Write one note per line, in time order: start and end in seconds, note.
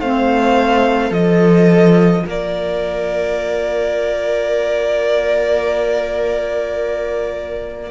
0.00 1.11 A3
0.00 1.14 C4
0.00 1.09 C5
0.00 1.13 F5
1.09 2.24 F3
1.09 7.91 F4
1.09 2.22 A4
1.09 2.26 D#5
2.26 7.91 A#3
2.26 7.91 A#4
2.26 7.91 D5